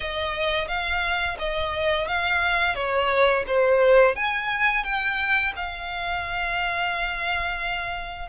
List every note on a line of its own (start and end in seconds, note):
0.00 0.68 D#5
0.68 1.37 F5
1.38 2.07 D#5
2.07 2.75 F5
2.75 3.44 C#5
3.47 4.15 C5
4.15 4.83 G#5
4.83 5.52 G5
5.55 8.28 F5